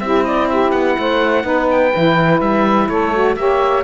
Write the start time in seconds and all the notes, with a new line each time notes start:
0.00 C4 E4 G4 E5
0.24 D5 D#5
0.49 G4 E5
0.71 B3 F#5
0.98 A3 C5
1.43 B3 D#4 B4
1.71 G5
1.93 E3 E4
2.41 G3 E5
2.88 A3 A4 C#5
3.13 F#4
3.36 A#3 G4 C#5 E5